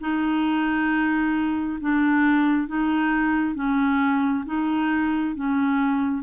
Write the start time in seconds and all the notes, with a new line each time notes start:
0.00 D#4
1.80 D4
2.67 D#4
3.54 C#4
4.45 D#4
5.35 C#4